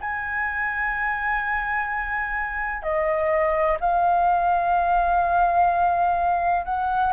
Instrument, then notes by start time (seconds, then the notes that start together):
flute
0.00 G#5
2.82 D#5
3.80 F5
6.65 F#5